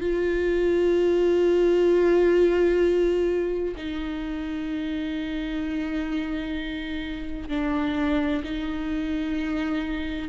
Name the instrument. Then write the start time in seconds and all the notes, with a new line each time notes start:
viola
0.00 F4
3.76 D#4
7.49 D4
8.44 D#4